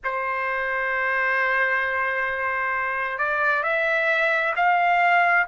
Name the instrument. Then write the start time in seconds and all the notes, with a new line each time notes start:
trumpet
0.04 C5
3.18 D5
3.63 E5
4.56 F5